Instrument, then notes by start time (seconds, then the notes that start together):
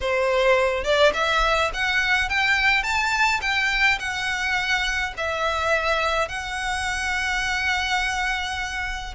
violin
0.00 C5
0.83 D5
1.13 E5
1.73 F#5
2.29 G5
2.83 A5
3.41 G5
3.99 F#5
5.17 E5
6.28 F#5